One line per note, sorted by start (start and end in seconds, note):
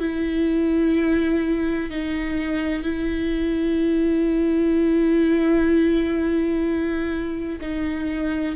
0.00 1.90 E4
1.90 2.83 D#4
2.83 7.59 E4
7.61 8.56 D#4